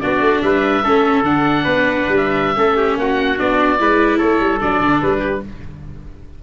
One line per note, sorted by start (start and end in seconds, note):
0.00 0.20 B3
0.00 0.84 D4
0.00 0.43 F#4
0.00 0.41 D5
0.20 0.41 A3
0.42 0.83 G3
0.42 0.84 B4
0.42 1.23 E5
0.84 1.23 A3
0.84 1.24 C#4
0.84 1.64 A4
1.23 1.64 D3
1.23 2.55 D4
1.23 2.16 F#5
1.64 2.06 B3
1.64 2.55 B4
2.08 2.56 G3
2.16 2.98 E5
2.55 2.97 A3
2.55 3.37 C#4
2.55 2.77 A4
2.77 2.97 G4
2.97 3.38 A#3
2.97 3.80 F#4
2.97 3.39 F#5
3.37 3.80 B3
3.37 3.78 D4
3.37 4.18 D5
3.79 4.21 G#3
3.79 4.60 E4
3.79 4.18 B4
4.18 4.40 A3
4.18 5.19 A4
4.18 4.59 C#5
4.40 4.60 G3
4.60 4.80 F#3
4.60 5.41 D4
4.60 5.01 D5
4.80 5.01 D3
5.01 5.43 G3
5.01 5.42 B4
5.19 5.39 G4